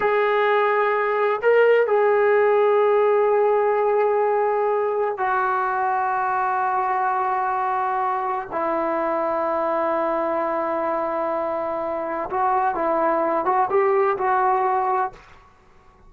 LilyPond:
\new Staff \with { instrumentName = "trombone" } { \time 4/4 \tempo 4 = 127 gis'2. ais'4 | gis'1~ | gis'2. fis'4~ | fis'1~ |
fis'2 e'2~ | e'1~ | e'2 fis'4 e'4~ | e'8 fis'8 g'4 fis'2 | }